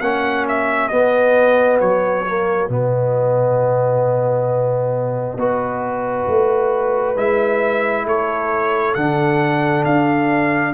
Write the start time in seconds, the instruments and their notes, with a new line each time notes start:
0.00 tuba A#3, trombone C#4, horn F#4, trumpet F#5
0.48 trumpet E5
0.88 trombone B3, tuba B3, trumpet D#5
1.80 tuba F#3, trumpet C#5
2.26 trombone A#3
2.69 tuba B2, trombone B3, trumpet D#5
5.36 tuba B3, trombone F#4, horn B4
6.28 tuba A3
7.16 tuba G#3, trombone E4, trumpet E5
8.05 tuba A3, horn A4, trumpet C#5
8.94 tuba D3, trombone D4, trumpet F#5
9.85 tuba D4, trumpet F5